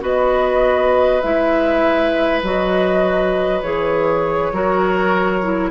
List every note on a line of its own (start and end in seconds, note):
0.00 1.21 B3
0.00 1.20 F#4
0.00 4.53 B4
0.00 1.21 D#5
1.21 2.42 G#3
1.21 2.42 E4
1.21 2.41 E5
2.42 3.62 F#3
2.42 3.63 F#4
2.42 3.62 D#5
3.62 4.51 E3
3.62 4.53 G#4
3.62 5.70 C#5
4.51 5.70 F#3
4.51 5.42 F#4
4.51 5.70 A#4
5.42 5.70 E4